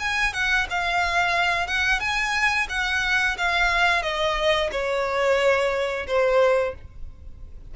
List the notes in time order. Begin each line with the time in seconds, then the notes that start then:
0.00 G#5
0.34 F#5
0.71 F5
1.68 F#5
2.00 G#5
2.70 F#5
3.38 F5
4.03 D#5
4.72 C#5
6.08 C5